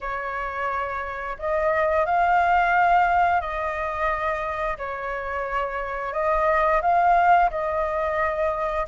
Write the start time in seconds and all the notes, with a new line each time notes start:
0.00 C#5
1.38 D#5
2.05 F5
3.41 D#5
4.77 C#5
6.13 D#5
6.81 F5
7.50 D#5